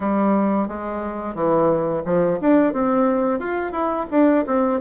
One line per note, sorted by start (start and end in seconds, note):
0.00 0.68 G3
0.68 1.34 G#3
1.34 2.02 E3
2.05 2.39 F3
2.40 2.73 D4
2.73 3.39 C4
3.39 3.72 F4
3.72 4.06 E4
4.11 4.45 D4
4.46 4.80 C4